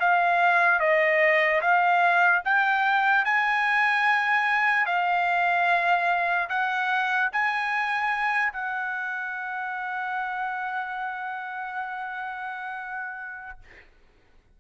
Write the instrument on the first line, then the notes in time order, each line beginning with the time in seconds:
trumpet
0.00 F5
0.80 D#5
1.61 F5
2.45 G5
3.25 G#5
4.86 F5
6.49 F#5
7.33 G#5
8.53 F#5